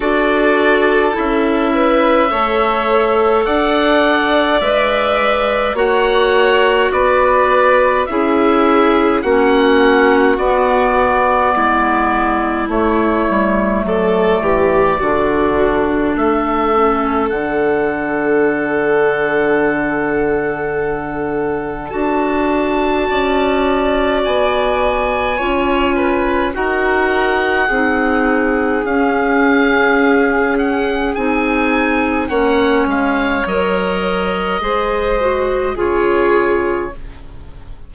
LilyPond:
<<
  \new Staff \with { instrumentName = "oboe" } { \time 4/4 \tempo 4 = 52 d''4 e''2 fis''4 | e''4 fis''4 d''4 e''4 | fis''4 d''2 cis''4 | d''2 e''4 fis''4~ |
fis''2. a''4~ | a''4 gis''2 fis''4~ | fis''4 f''4. fis''8 gis''4 | fis''8 f''8 dis''2 cis''4 | }
  \new Staff \with { instrumentName = "violin" } { \time 4/4 a'4. b'8 cis''4 d''4~ | d''4 cis''4 b'4 gis'4 | fis'2 e'2 | a'8 g'8 fis'4 a'2~ |
a'1 | d''2 cis''8 b'8 ais'4 | gis'1 | cis''2 c''4 gis'4 | }
  \new Staff \with { instrumentName = "clarinet" } { \time 4/4 fis'4 e'4 a'2 | b'4 fis'2 e'4 | cis'4 b2 a4~ | a4 d'4. cis'8 d'4~ |
d'2. fis'4~ | fis'2 f'4 fis'4 | dis'4 cis'2 dis'4 | cis'4 ais'4 gis'8 fis'8 f'4 | }
  \new Staff \with { instrumentName = "bassoon" } { \time 4/4 d'4 cis'4 a4 d'4 | gis4 ais4 b4 cis'4 | ais4 b4 gis4 a8 g8 | fis8 e8 d4 a4 d4~ |
d2. d'4 | cis'4 b4 cis'4 dis'4 | c'4 cis'2 c'4 | ais8 gis8 fis4 gis4 cis4 | }
>>